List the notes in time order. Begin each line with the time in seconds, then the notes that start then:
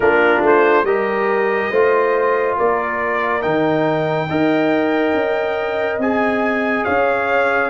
0.00 A#3 D4 F4 A#4
0.42 A3 C5
0.83 G3 G4 A#4 D#5
1.70 A3 F4 C5
2.57 A#3 A#4 D5
3.41 D#3 D#4 G5
4.29 D#4 A#4 D#5
5.13 C#4
5.98 C4 G#4 G#5
6.84 C#4 C#5 F5